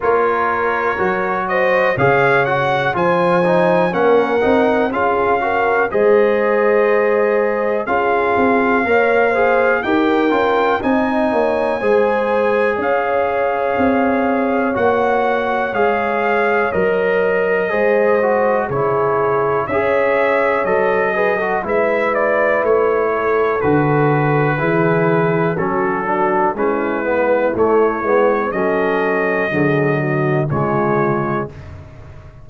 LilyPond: <<
  \new Staff \with { instrumentName = "trumpet" } { \time 4/4 \tempo 4 = 61 cis''4. dis''8 f''8 fis''8 gis''4 | fis''4 f''4 dis''2 | f''2 g''4 gis''4~ | gis''4 f''2 fis''4 |
f''4 dis''2 cis''4 | e''4 dis''4 e''8 d''8 cis''4 | b'2 a'4 b'4 | cis''4 dis''2 cis''4 | }
  \new Staff \with { instrumentName = "horn" } { \time 4/4 ais'4. c''8 cis''4 c''4 | ais'4 gis'8 ais'8 c''2 | gis'4 cis''8 c''8 ais'4 dis''8 cis''8 | c''4 cis''2.~ |
cis''2 c''4 gis'4 | cis''4. b'16 a'16 b'4. a'8~ | a'4 gis'4 fis'4 e'4~ | e'4 a'4 gis'8 fis'8 f'4 | }
  \new Staff \with { instrumentName = "trombone" } { \time 4/4 f'4 fis'4 gis'8 fis'8 f'8 dis'8 | cis'8 dis'8 f'8 fis'8 gis'2 | f'4 ais'8 gis'8 g'8 f'8 dis'4 | gis'2. fis'4 |
gis'4 ais'4 gis'8 fis'8 e'4 | gis'4 a'8 gis'16 fis'16 e'2 | fis'4 e'4 cis'8 d'8 cis'8 b8 | a8 b8 cis'4 fis4 gis4 | }
  \new Staff \with { instrumentName = "tuba" } { \time 4/4 ais4 fis4 cis4 f4 | ais8 c'8 cis'4 gis2 | cis'8 c'8 ais4 dis'8 cis'8 c'8 ais8 | gis4 cis'4 c'4 ais4 |
gis4 fis4 gis4 cis4 | cis'4 fis4 gis4 a4 | d4 e4 fis4 gis4 | a8 gis8 fis4 d4 cis4 | }
>>